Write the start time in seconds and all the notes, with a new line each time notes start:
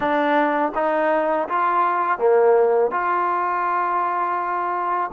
0.00 D4
0.75 D#4
1.48 F4
2.18 A#3
2.91 F4